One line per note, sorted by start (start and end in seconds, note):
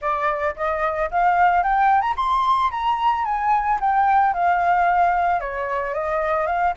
0.01 0.55 D5
0.56 1.10 D#5
1.10 1.63 F5
1.63 2.01 G5
2.01 2.14 A#5
2.16 2.70 C6
2.71 3.25 A#5
3.25 3.79 G#5
3.80 4.33 G5
4.33 5.40 F5
5.40 5.93 C#5
5.93 6.46 D#5
6.46 6.73 F5